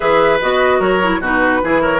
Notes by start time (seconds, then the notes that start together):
0.00 E3 G#4 B4 E5
0.40 B3 F#4 D#5
0.79 F#3 A#4 C#5
1.02 E4
1.20 B2 D#4 F#4 B4
1.63 E3 E4 G#4
1.81 A#4 C#5